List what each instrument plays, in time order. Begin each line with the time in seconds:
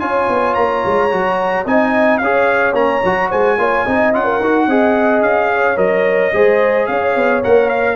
0.00 tuba C#4, trombone F4, horn C#5, trumpet G#5
0.29 tuba B3
0.55 tuba A#3, trumpet A#5
0.86 tuba G#3
1.11 tuba F#3, trombone F#4
1.66 tuba C4, trombone D#4, horn D#5, trumpet G#5
2.18 tuba C#4, trombone G#4, horn C#5, trumpet F5
2.74 tuba A#3, trombone C#4, trumpet A#5
3.04 tuba F#3, trombone F#4
3.30 tuba G#3, horn C5, trumpet G#5
3.58 tuba A#3, trombone F4, horn C#5
3.86 tuba C4, trombone D#4, horn D#5
4.14 tuba C#4, trombone F4, trumpet F#5
4.25 horn A#4
4.40 tuba D#4, trombone F#4
4.67 tuba C4, trombone G#4, horn D#5
5.22 tuba C#4, trumpet F5
5.55 horn C#5
5.77 tuba F#3, trombone A#4, trumpet D#5
6.33 tuba G#3, trombone G#4, horn C5
6.87 tuba C#4, horn C#5, trumpet F5
7.16 tuba B3
7.44 tuba A#3, trombone A#4, trumpet F#5
7.69 trumpet F5